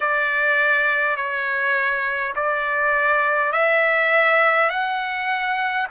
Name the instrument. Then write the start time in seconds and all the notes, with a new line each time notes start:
trumpet
0.00 D5
1.16 C#5
2.35 D5
3.52 E5
4.69 F#5